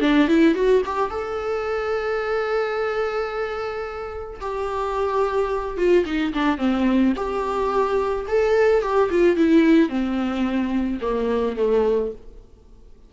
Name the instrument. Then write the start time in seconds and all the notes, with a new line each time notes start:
viola
0.00 D4
0.28 E4
0.55 F#4
0.85 G4
1.10 A4
4.41 G4
5.77 F4
6.05 D#4
6.33 D4
6.58 C4
7.16 G4
8.28 A4
8.82 G4
9.11 F4
9.37 E4
9.89 C4
11.01 A#3
11.57 A3